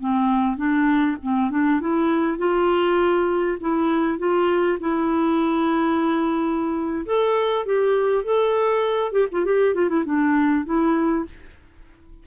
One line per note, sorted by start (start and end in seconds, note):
0.00 0.57 C4
0.57 1.17 D4
1.23 1.50 C4
1.50 1.80 D4
1.81 2.38 E4
2.38 3.58 F4
3.61 4.19 E4
4.19 4.79 F4
4.80 7.05 E4
7.06 7.66 A4
7.66 8.24 G4
8.24 9.12 A4
9.12 9.27 G4
9.31 9.45 F4
9.45 9.74 G4
9.74 9.89 F4
9.89 10.04 E4
10.05 10.65 D4
10.65 11.25 E4